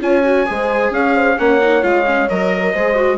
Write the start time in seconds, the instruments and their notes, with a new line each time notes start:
0.00 bassoon C#4, viola F4, horn C#5, trumpet G#5
0.24 viola F#4
0.46 bassoon G#3, viola G#4, horn C5
0.91 bassoon C#4, horn C#5, trumpet F5
1.15 horn C5
1.37 bassoon A#3, viola C#4, horn C#5, trumpet F#5
1.61 viola D#4
1.82 bassoon G#3, viola F4, trumpet F5
2.06 viola C#4
2.29 bassoon F#3, viola A#4, trumpet D#5
2.53 horn A#4
2.72 bassoon G#3, viola G#4, horn C5
2.95 viola F#4